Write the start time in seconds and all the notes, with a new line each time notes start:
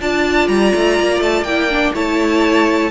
0.00 D4 F4 D5 A5
0.48 G3 A#5
0.75 A3
1.00 A#3
1.20 A3 A5
1.42 A#3 E4 G5
1.70 D4
1.94 A3 E4 C#5 A5